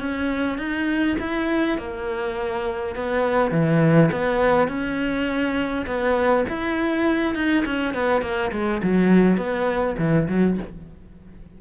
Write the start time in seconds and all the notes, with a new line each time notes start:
0.00 C#4
0.58 D#4
1.20 E4
1.78 A#3
2.96 B3
3.51 E3
4.12 B3
4.68 C#4
5.87 B3
6.49 E4
7.35 D#4
7.66 C#4
7.94 B3
8.22 A#3
8.52 G#3
8.83 F#3
9.37 B3
9.99 E3
10.29 F#3